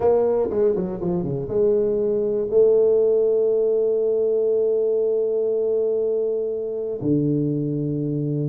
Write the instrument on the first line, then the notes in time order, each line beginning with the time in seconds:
tuba
0.00 A#3
0.50 G#3
0.75 F#3
1.00 F3
1.23 C#3
1.48 G#3
2.50 A3
7.01 D3